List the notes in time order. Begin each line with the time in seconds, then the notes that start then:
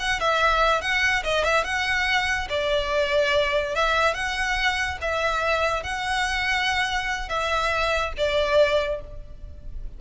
0.00 F#5
0.20 E5
0.81 F#5
1.24 D#5
1.44 E5
1.64 F#5
2.50 D5
3.75 E5
4.14 F#5
5.01 E5
5.84 F#5
7.29 E5
8.17 D5